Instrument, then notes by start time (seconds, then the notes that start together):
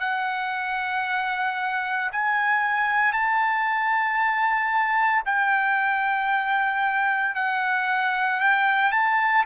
trumpet
0.00 F#5
2.12 G#5
3.13 A5
5.26 G5
7.35 F#5
8.41 G5
8.92 A5